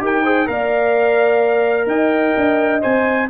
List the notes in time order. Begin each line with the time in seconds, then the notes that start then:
0.00 D#4 G4 A#4 G5
0.24 G#4 C5
0.47 A#3 A#4 D5 F5
1.87 D#4 D#5 G5
2.37 D4
2.82 C4 C5 G#5